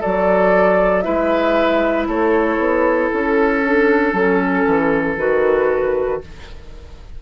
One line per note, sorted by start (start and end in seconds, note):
0.00 1.06 F#3
0.00 1.03 F#4
0.00 1.03 A4
0.00 1.01 D5
1.01 2.07 G#3
1.01 3.62 E4
1.01 2.08 B4
1.01 2.05 E5
2.07 2.58 A3
2.07 6.22 A4
2.07 3.11 C#5
2.58 3.10 B3
3.11 4.13 C#4
3.11 5.17 A4
3.64 4.15 D4
4.13 4.64 F#3
4.13 5.17 C#4
4.66 5.16 E3
5.16 6.20 D#3
5.16 6.21 F#4
5.16 6.21 B4